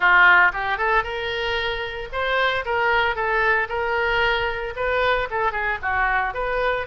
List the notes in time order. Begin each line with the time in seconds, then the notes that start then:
0.00 F4
0.53 G4
0.77 A4
1.03 A#4
2.12 C5
2.65 A#4
3.15 A4
3.68 A#4
4.76 B4
5.30 A4
5.52 G#4
5.82 F#4
6.34 B4